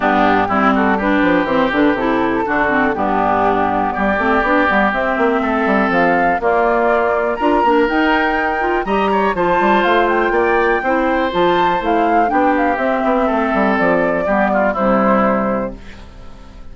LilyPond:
<<
  \new Staff \with { instrumentName = "flute" } { \time 4/4 \tempo 4 = 122 g'4. a'8 b'4 c''8 b'8 | a'2 g'2 | d''2 e''2 | f''4 d''2 ais''4 |
g''2 ais''4 a''4 | f''8 g''2~ g''8 a''4 | f''4 g''8 f''8 e''2 | d''2 c''2 | }
  \new Staff \with { instrumentName = "oboe" } { \time 4/4 d'4 e'8 fis'8 g'2~ | g'4 fis'4 d'2 | g'2. a'4~ | a'4 f'2 ais'4~ |
ais'2 dis''8 cis''8 c''4~ | c''4 d''4 c''2~ | c''4 g'2 a'4~ | a'4 g'8 f'8 e'2 | }
  \new Staff \with { instrumentName = "clarinet" } { \time 4/4 b4 c'4 d'4 c'8 d'8 | e'4 d'8 c'8 b2~ | b8 c'8 d'8 b8 c'2~ | c'4 ais2 f'8 d'8 |
dis'4. f'8 g'4 f'4~ | f'2 e'4 f'4 | e'4 d'4 c'2~ | c'4 b4 g2 | }
  \new Staff \with { instrumentName = "bassoon" } { \time 4/4 g,4 g4. f8 e8 d8 | c4 d4 g,2 | g8 a8 b8 g8 c'8 ais8 a8 g8 | f4 ais2 d'8 ais8 |
dis'2 g4 f8 g8 | a4 ais4 c'4 f4 | a4 b4 c'8 b8 a8 g8 | f4 g4 c2 | }
>>